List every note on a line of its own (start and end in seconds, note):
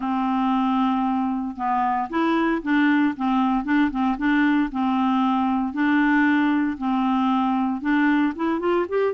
0.00 1.56 C4
1.56 2.08 B3
2.09 2.62 E4
2.62 3.14 D4
3.16 3.64 C4
3.64 3.90 D4
3.90 4.16 C4
4.17 4.69 D4
4.71 5.72 C4
5.72 6.77 D4
6.77 7.81 C4
7.81 8.33 D4
8.35 8.59 E4
8.59 8.86 F4
8.88 9.13 G4